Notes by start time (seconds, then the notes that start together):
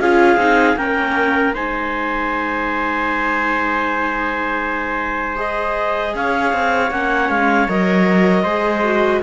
0.00 C#4 F4 G#4 F5
0.37 C4 D#4
0.76 A#3 C#4 A#4 G5
1.54 G#3 D#4 C5 G#5
5.36 G#4 D#5
6.15 C#4 C#5 F5
6.53 C4
6.91 A#3 C#4 F#5
7.29 G#3 F5
7.68 F#3 A#4 D#5
8.43 G#3 G#4 C5
8.84 F#4